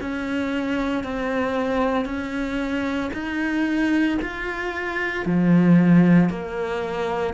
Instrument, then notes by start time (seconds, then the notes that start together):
cello
0.00 C#4
1.03 C4
2.05 C#4
3.13 D#4
4.21 F4
5.25 F3
6.29 A#3